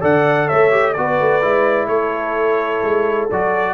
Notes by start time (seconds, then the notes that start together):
0.00 D3 A4 D5 F#5
0.47 A3 C#5 E5
0.70 G4
0.93 B3 F#4 D5
1.00 B4
1.20 A3
1.42 G#3 E4
1.87 A3 A4 C#5
2.82 G#3
3.30 F#3 F#4 D5